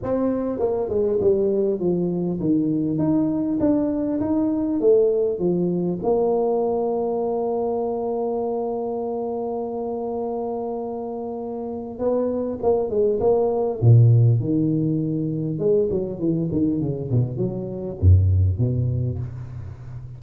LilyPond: \new Staff \with { instrumentName = "tuba" } { \time 4/4 \tempo 4 = 100 c'4 ais8 gis8 g4 f4 | dis4 dis'4 d'4 dis'4 | a4 f4 ais2~ | ais1~ |
ais1 | b4 ais8 gis8 ais4 ais,4 | dis2 gis8 fis8 e8 dis8 | cis8 b,8 fis4 fis,4 b,4 | }